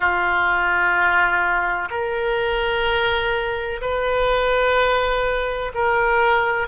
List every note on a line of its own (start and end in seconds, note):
0.00 1.88 F4
1.90 3.81 A#4
3.81 5.71 B4
5.74 6.67 A#4